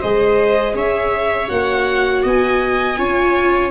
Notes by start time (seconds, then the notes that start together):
0.00 G#3 G#4 C5 D#5
0.75 C#4 C#5 E5
1.48 A#3 F#4 F#5
2.23 B3 D#5 G#5
2.97 C#4 F4 C#5